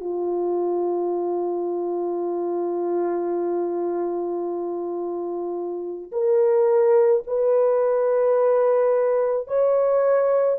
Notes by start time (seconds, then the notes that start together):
0.00 F4
6.12 A#4
7.27 B4
9.47 C#5